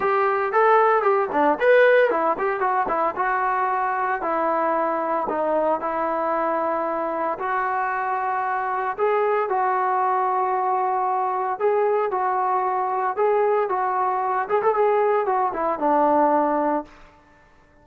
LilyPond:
\new Staff \with { instrumentName = "trombone" } { \time 4/4 \tempo 4 = 114 g'4 a'4 g'8 d'8 b'4 | e'8 g'8 fis'8 e'8 fis'2 | e'2 dis'4 e'4~ | e'2 fis'2~ |
fis'4 gis'4 fis'2~ | fis'2 gis'4 fis'4~ | fis'4 gis'4 fis'4. gis'16 a'16 | gis'4 fis'8 e'8 d'2 | }